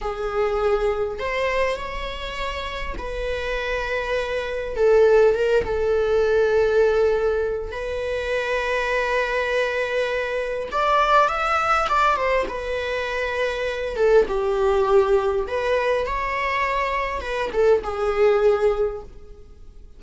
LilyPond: \new Staff \with { instrumentName = "viola" } { \time 4/4 \tempo 4 = 101 gis'2 c''4 cis''4~ | cis''4 b'2. | a'4 ais'8 a'2~ a'8~ | a'4 b'2.~ |
b'2 d''4 e''4 | d''8 c''8 b'2~ b'8 a'8 | g'2 b'4 cis''4~ | cis''4 b'8 a'8 gis'2 | }